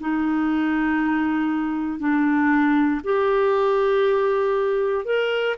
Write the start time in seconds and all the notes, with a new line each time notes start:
0.00 D#4
1.99 D4
3.04 G4
5.05 A#4